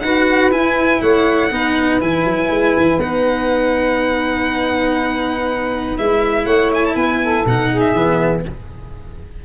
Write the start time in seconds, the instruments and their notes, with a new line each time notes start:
0.00 tuba D#4, cello F#4, saxophone B4, violin F#5
0.50 tuba E4, cello E4, violin G#5
1.00 tuba A3, saxophone C#5, violin F#5
1.50 tuba B3, cello D#4, saxophone B4
2.00 tuba E3, cello E4, violin G#5
2.24 tuba F#3
2.50 tuba G#3
2.76 tuba E3
2.97 tuba B3, cello D#4, violin F#5
5.97 tuba G#3, cello E4, violin E5
6.45 tuba A3, saxophone C#5, violin F#5
6.74 violin G#5
6.85 violin A5
6.95 tuba B3, saxophone B4, violin G#5
7.22 saxophone A4
7.45 tuba B2, cello D#4, violin F#5
7.71 saxophone G#4
7.80 violin E5
7.93 tuba E3, cello B3